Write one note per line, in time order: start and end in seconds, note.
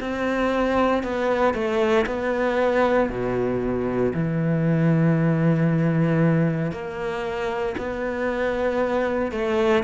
0.00 1.03 C4
1.03 1.54 B3
1.54 2.05 A3
2.06 3.09 B3
3.09 4.13 B2
4.14 6.72 E3
6.72 7.75 A#3
7.78 9.32 B3
9.32 9.83 A3